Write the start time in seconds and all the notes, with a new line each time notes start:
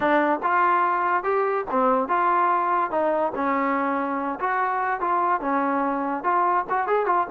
0.00 D4
0.42 F4
1.23 G4
1.70 C4
2.08 F4
2.91 D#4
3.35 C#4
4.39 F#4
5.00 F4
5.40 C#4
6.23 F4
6.69 F#4
6.87 G#4
7.06 F4